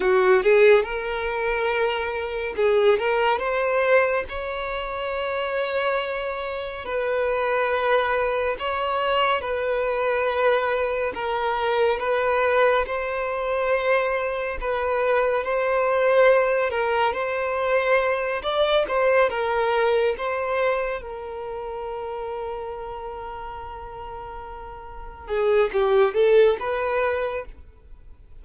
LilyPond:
\new Staff \with { instrumentName = "violin" } { \time 4/4 \tempo 4 = 70 fis'8 gis'8 ais'2 gis'8 ais'8 | c''4 cis''2. | b'2 cis''4 b'4~ | b'4 ais'4 b'4 c''4~ |
c''4 b'4 c''4. ais'8 | c''4. d''8 c''8 ais'4 c''8~ | c''8 ais'2.~ ais'8~ | ais'4. gis'8 g'8 a'8 b'4 | }